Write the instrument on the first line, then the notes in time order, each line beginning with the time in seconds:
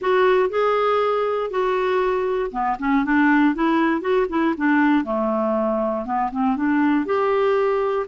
clarinet
0.01 F#4
0.49 G#4
1.50 F#4
2.51 B3
2.79 C#4
3.05 D4
3.54 E4
4.01 F#4
4.29 E4
4.57 D4
5.04 A3
6.05 B3
6.31 C4
6.56 D4
7.05 G4